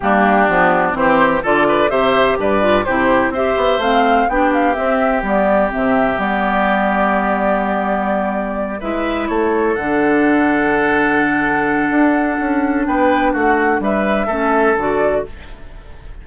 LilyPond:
<<
  \new Staff \with { instrumentName = "flute" } { \time 4/4 \tempo 4 = 126 g'2 c''4 d''4 | e''4 d''4 c''4 e''4 | f''4 g''8 f''8 e''4 d''4 | e''4 d''2.~ |
d''2~ d''8 e''4 cis''8~ | cis''8 fis''2.~ fis''8~ | fis''2. g''4 | fis''4 e''2 d''4 | }
  \new Staff \with { instrumentName = "oboe" } { \time 4/4 d'2 g'4 a'8 b'8 | c''4 b'4 g'4 c''4~ | c''4 g'2.~ | g'1~ |
g'2~ g'8 b'4 a'8~ | a'1~ | a'2. b'4 | fis'4 b'4 a'2 | }
  \new Staff \with { instrumentName = "clarinet" } { \time 4/4 ais4 b4 c'4 f'4 | g'4. f'8 e'4 g'4 | c'4 d'4 c'4 b4 | c'4 b2.~ |
b2~ b8 e'4.~ | e'8 d'2.~ d'8~ | d'1~ | d'2 cis'4 fis'4 | }
  \new Staff \with { instrumentName = "bassoon" } { \time 4/4 g4 f4 e4 d4 | c4 g,4 c4 c'8 b8 | a4 b4 c'4 g4 | c4 g2.~ |
g2~ g8 gis4 a8~ | a8 d2.~ d8~ | d4 d'4 cis'4 b4 | a4 g4 a4 d4 | }
>>